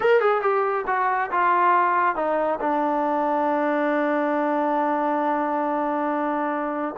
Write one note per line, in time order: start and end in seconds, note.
0.00 0.20 A#4
0.20 0.41 G#4
0.41 0.85 G4
0.86 1.30 F#4
1.31 2.15 F4
2.15 2.59 D#4
2.60 6.95 D4